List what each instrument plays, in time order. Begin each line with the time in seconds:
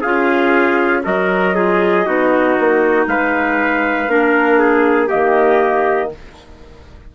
0.00 bassoon C#4, clarinet F4, trumpet G#4 F5
1.03 bassoon F#3, clarinet F#4, trumpet A#4 D#5
1.55 clarinet F4, trumpet G#4
2.05 bassoon B3, clarinet D#4, trumpet F#4
2.58 bassoon A#3
3.06 bassoon G#3, trumpet B4 F5
4.07 bassoon A#3, clarinet D4, trumpet A#4
4.58 trumpet G#4
5.08 bassoon D#3, clarinet A#3, trumpet G4 D#5